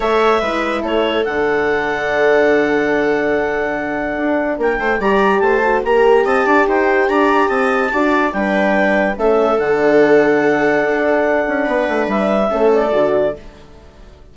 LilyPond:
<<
  \new Staff \with { instrumentName = "clarinet" } { \time 4/4 \tempo 4 = 144 e''2 cis''4 fis''4~ | fis''1~ | fis''2. g''4 | ais''4 a''4 ais''4 a''4 |
g''4 ais''4 a''2 | g''2 e''4 fis''4~ | fis''1~ | fis''4 e''4. d''4. | }
  \new Staff \with { instrumentName = "viola" } { \time 4/4 cis''4 b'4 a'2~ | a'1~ | a'2. ais'8 c''8 | d''4 c''4 ais'4 dis''8 d''8 |
c''4 d''4 dis''4 d''4 | b'2 a'2~ | a'1 | b'2 a'2 | }
  \new Staff \with { instrumentName = "horn" } { \time 4/4 a'4 e'2 d'4~ | d'1~ | d'1 | g'4. fis'8 g'2~ |
g'2. fis'4 | d'2 cis'4 d'4~ | d'1~ | d'2 cis'4 fis'4 | }
  \new Staff \with { instrumentName = "bassoon" } { \time 4/4 a4 gis4 a4 d4~ | d1~ | d2 d'4 ais8 a8 | g4 a4 ais4 c'8 d'8 |
dis'4 d'4 c'4 d'4 | g2 a4 d4~ | d2 d'4. cis'8 | b8 a8 g4 a4 d4 | }
>>